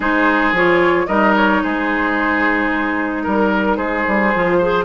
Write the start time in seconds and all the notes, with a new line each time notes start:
0.00 G#3 D#4 G#4 C5
0.52 F3 F4 C#5
1.06 G3 D#4 A#4 D#5
1.36 C#5
1.63 G#3 G#4 C5
3.23 G3 A#4
3.76 G#3 G#4 C5
4.07 G3
4.34 F3 F4
4.58 G#4 C5